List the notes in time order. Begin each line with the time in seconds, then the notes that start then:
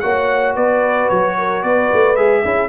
0.00 A#3 F#4 C#5 F#5
0.55 B3 B4 D5
1.09 F#3 C#5
1.38 A#4
1.62 B3 B4 D5
1.93 A3
2.16 G#3 G#4 E5
2.42 C#4 E4 G#4